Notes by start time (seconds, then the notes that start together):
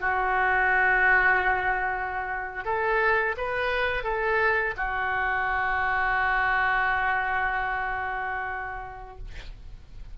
0.00 F#4
2.65 A4
3.37 B4
4.04 A4
4.76 F#4